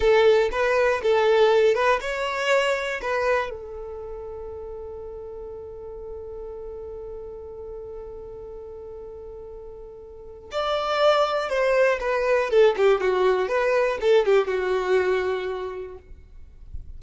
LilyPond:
\new Staff \with { instrumentName = "violin" } { \time 4/4 \tempo 4 = 120 a'4 b'4 a'4. b'8 | cis''2 b'4 a'4~ | a'1~ | a'1~ |
a'1~ | a'4 d''2 c''4 | b'4 a'8 g'8 fis'4 b'4 | a'8 g'8 fis'2. | }